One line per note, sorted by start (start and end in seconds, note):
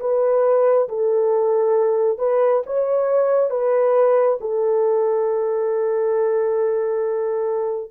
0.00 0.88 B4
0.89 2.19 A4
2.19 2.62 B4
2.66 3.50 C#5
3.50 4.38 B4
4.40 7.91 A4